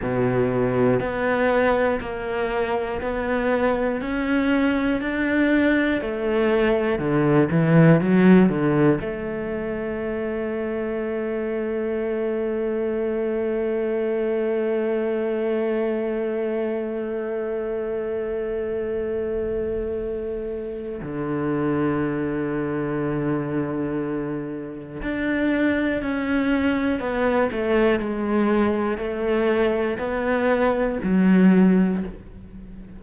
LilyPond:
\new Staff \with { instrumentName = "cello" } { \time 4/4 \tempo 4 = 60 b,4 b4 ais4 b4 | cis'4 d'4 a4 d8 e8 | fis8 d8 a2.~ | a1~ |
a1~ | a4 d2.~ | d4 d'4 cis'4 b8 a8 | gis4 a4 b4 fis4 | }